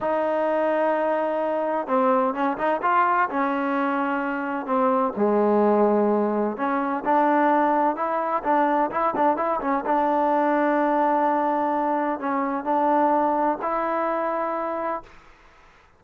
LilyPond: \new Staff \with { instrumentName = "trombone" } { \time 4/4 \tempo 4 = 128 dis'1 | c'4 cis'8 dis'8 f'4 cis'4~ | cis'2 c'4 gis4~ | gis2 cis'4 d'4~ |
d'4 e'4 d'4 e'8 d'8 | e'8 cis'8 d'2.~ | d'2 cis'4 d'4~ | d'4 e'2. | }